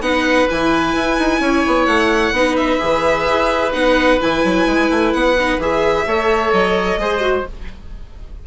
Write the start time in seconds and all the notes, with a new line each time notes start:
0.00 B3 D#4 B4 F#5
0.49 E3 E4 G#5
0.94 E4
1.19 D#4
1.40 C#4 C#5
1.66 B3
1.86 A3 F#5
2.31 B3 D#4 B4
2.56 E5
2.79 E3 G#4
3.28 E4
3.73 B3 D#4 F#5
4.20 E3 E4 G#5
4.44 F#3
4.66 G#3
4.90 A3
5.13 B3 F#5
5.39 D#4
5.58 E3 G#4 E5
6.07 A3 A4 C#5
6.52 F#3 D#5
6.97 G#3 G#4 C5
7.21 F#4